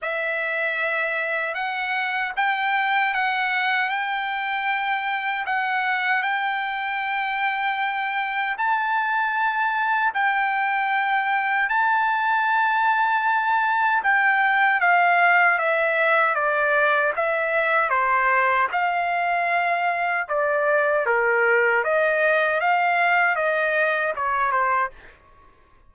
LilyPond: \new Staff \with { instrumentName = "trumpet" } { \time 4/4 \tempo 4 = 77 e''2 fis''4 g''4 | fis''4 g''2 fis''4 | g''2. a''4~ | a''4 g''2 a''4~ |
a''2 g''4 f''4 | e''4 d''4 e''4 c''4 | f''2 d''4 ais'4 | dis''4 f''4 dis''4 cis''8 c''8 | }